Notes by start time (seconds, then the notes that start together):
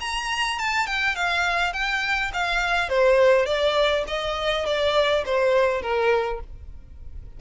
0.00 A#5
0.58 A5
0.86 G5
1.15 F5
1.73 G5
2.33 F5
2.89 C5
3.46 D5
4.07 D#5
4.65 D5
5.25 C5
5.81 A#4